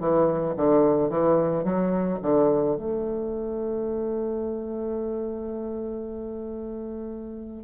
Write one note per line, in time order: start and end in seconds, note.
0.00 0.55 E3
0.57 1.10 D3
1.10 1.64 E3
1.65 2.19 F#3
2.23 2.77 D3
2.77 7.65 A3